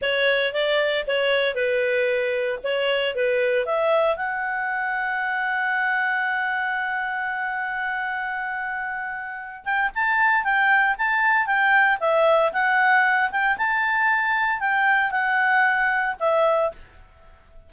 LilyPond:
\new Staff \with { instrumentName = "clarinet" } { \time 4/4 \tempo 4 = 115 cis''4 d''4 cis''4 b'4~ | b'4 cis''4 b'4 e''4 | fis''1~ | fis''1~ |
fis''2~ fis''8 g''8 a''4 | g''4 a''4 g''4 e''4 | fis''4. g''8 a''2 | g''4 fis''2 e''4 | }